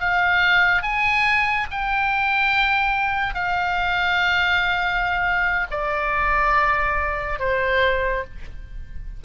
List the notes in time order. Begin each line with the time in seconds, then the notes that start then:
0.00 F5
0.82 G#5
1.71 G5
3.34 F5
5.70 D5
7.39 C5